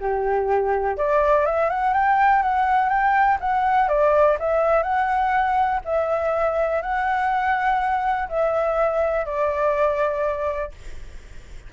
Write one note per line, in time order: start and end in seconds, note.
0.00 0.98 G4
0.98 1.46 D5
1.46 1.70 E5
1.70 1.94 F#5
1.94 2.43 G5
2.43 2.90 F#5
2.90 3.38 G5
3.41 3.89 F#5
3.89 4.37 D5
4.40 4.83 E5
4.83 5.81 F#5
5.85 6.83 E5
6.83 8.29 F#5
8.29 9.26 E5
9.26 10.72 D5